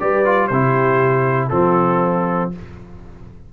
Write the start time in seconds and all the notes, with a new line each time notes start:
0.00 G3 G4 B4 D5
0.25 F4
0.47 C3 E4 G4 C5
1.49 F3 C4 F4 A4